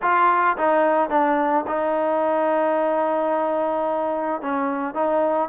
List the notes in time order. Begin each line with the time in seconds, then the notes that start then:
0.02 F4
0.57 D#4
1.09 D4
1.67 D#4
4.41 C#4
4.94 D#4